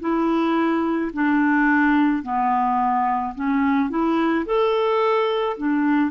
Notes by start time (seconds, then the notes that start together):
0.00 E4
1.14 D4
2.23 B3
3.35 C#4
3.90 E4
4.46 A4
5.58 D4